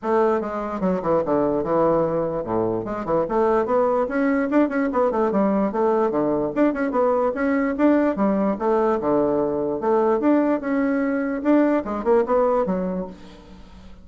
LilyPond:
\new Staff \with { instrumentName = "bassoon" } { \time 4/4 \tempo 4 = 147 a4 gis4 fis8 e8 d4 | e2 a,4 gis8 e8 | a4 b4 cis'4 d'8 cis'8 | b8 a8 g4 a4 d4 |
d'8 cis'8 b4 cis'4 d'4 | g4 a4 d2 | a4 d'4 cis'2 | d'4 gis8 ais8 b4 fis4 | }